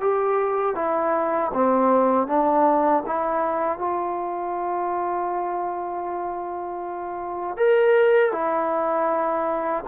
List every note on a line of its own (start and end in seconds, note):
0.00 0.75 G4
0.75 1.51 E4
1.54 2.27 C4
2.27 3.03 D4
3.06 3.78 E4
3.78 7.56 F4
7.56 8.32 A#4
8.32 9.84 E4